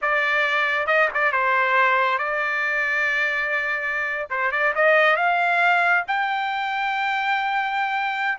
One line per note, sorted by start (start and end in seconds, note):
0.01 0.86 D5
0.86 1.08 D#5
1.14 1.32 D5
1.32 2.18 C5
2.18 4.28 D5
4.30 4.51 C5
4.51 4.73 D5
4.75 5.16 D#5
5.16 6.04 F5
6.07 8.38 G5